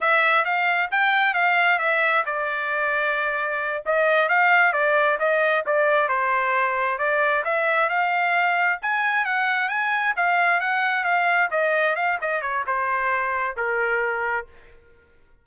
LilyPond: \new Staff \with { instrumentName = "trumpet" } { \time 4/4 \tempo 4 = 133 e''4 f''4 g''4 f''4 | e''4 d''2.~ | d''8 dis''4 f''4 d''4 dis''8~ | dis''8 d''4 c''2 d''8~ |
d''8 e''4 f''2 gis''8~ | gis''8 fis''4 gis''4 f''4 fis''8~ | fis''8 f''4 dis''4 f''8 dis''8 cis''8 | c''2 ais'2 | }